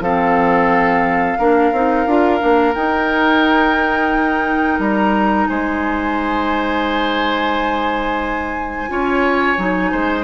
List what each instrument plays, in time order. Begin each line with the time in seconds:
0.00 bassoon F3, clarinet C4, oboe A4, flute F5
1.38 bassoon A#3, clarinet D4, oboe A#4
1.72 bassoon C4, clarinet D#4
2.06 bassoon D4, clarinet F4
2.39 bassoon A#3, clarinet D4
2.74 bassoon D#4, clarinet D#4, flute G5
4.79 bassoon G3, flute A#5
5.47 bassoon G#3, oboe C5, flute G#5
8.89 bassoon C#4, clarinet F4, oboe C#5
9.57 bassoon F#3, clarinet D#4
9.91 bassoon G#3, oboe C5